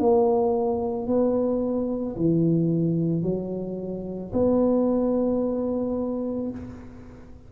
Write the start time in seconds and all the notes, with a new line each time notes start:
0.00 A#3
1.07 B3
2.16 E3
3.23 F#3
4.33 B3